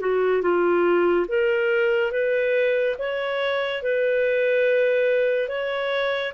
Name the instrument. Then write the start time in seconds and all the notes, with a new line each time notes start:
clarinet
0.00 F#4
0.42 F4
1.28 A#4
2.12 B4
2.99 C#5
3.83 B4
5.49 C#5